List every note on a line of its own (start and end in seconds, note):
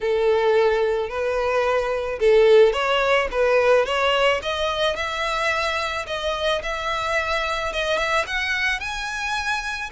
0.00 1.09 A4
1.09 2.19 B4
2.19 2.72 A4
2.72 3.28 C#5
3.31 3.85 B4
3.85 4.40 C#5
4.42 4.95 D#5
4.95 6.06 E5
6.07 6.62 D#5
6.63 7.72 E5
7.72 7.97 D#5
7.97 8.25 E5
8.26 8.79 F#5
8.79 9.90 G#5